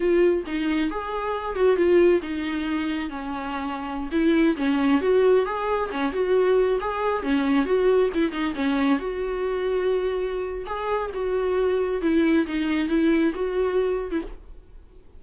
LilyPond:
\new Staff \with { instrumentName = "viola" } { \time 4/4 \tempo 4 = 135 f'4 dis'4 gis'4. fis'8 | f'4 dis'2 cis'4~ | cis'4~ cis'16 e'4 cis'4 fis'8.~ | fis'16 gis'4 cis'8 fis'4. gis'8.~ |
gis'16 cis'4 fis'4 e'8 dis'8 cis'8.~ | cis'16 fis'2.~ fis'8. | gis'4 fis'2 e'4 | dis'4 e'4 fis'4.~ fis'16 e'16 | }